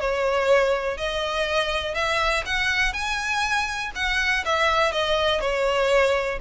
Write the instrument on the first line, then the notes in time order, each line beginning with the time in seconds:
violin
0.00 C#5
0.97 D#5
1.94 E5
2.46 F#5
2.93 G#5
3.95 F#5
4.45 E5
4.92 D#5
5.41 C#5